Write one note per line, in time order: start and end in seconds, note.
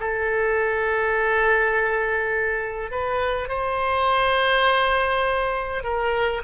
0.00 2.91 A4
2.91 3.49 B4
3.49 5.84 C5
5.84 6.43 A#4